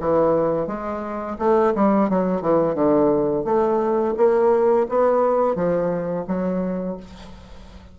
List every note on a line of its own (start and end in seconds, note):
0.00 0.67 E3
0.67 1.37 G#3
1.38 1.73 A3
1.75 2.09 G3
2.09 2.41 F#3
2.41 2.75 E3
2.75 3.44 D3
3.45 4.14 A3
4.17 4.87 A#3
4.89 5.55 B3
5.55 6.25 F3
6.27 6.97 F#3